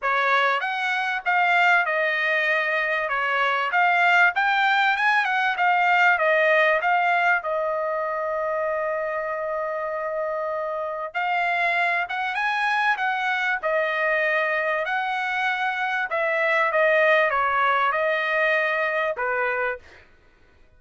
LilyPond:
\new Staff \with { instrumentName = "trumpet" } { \time 4/4 \tempo 4 = 97 cis''4 fis''4 f''4 dis''4~ | dis''4 cis''4 f''4 g''4 | gis''8 fis''8 f''4 dis''4 f''4 | dis''1~ |
dis''2 f''4. fis''8 | gis''4 fis''4 dis''2 | fis''2 e''4 dis''4 | cis''4 dis''2 b'4 | }